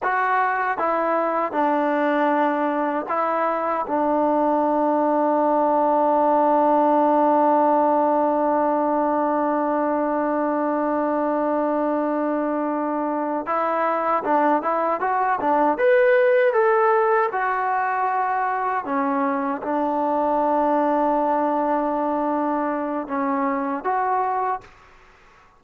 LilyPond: \new Staff \with { instrumentName = "trombone" } { \time 4/4 \tempo 4 = 78 fis'4 e'4 d'2 | e'4 d'2.~ | d'1~ | d'1~ |
d'4. e'4 d'8 e'8 fis'8 | d'8 b'4 a'4 fis'4.~ | fis'8 cis'4 d'2~ d'8~ | d'2 cis'4 fis'4 | }